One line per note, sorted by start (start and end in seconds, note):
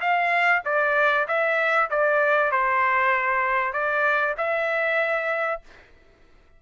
0.00 0.62 F5
0.65 1.27 D5
1.27 1.89 E5
1.90 2.51 D5
2.51 3.73 C5
3.73 4.34 D5
4.37 5.61 E5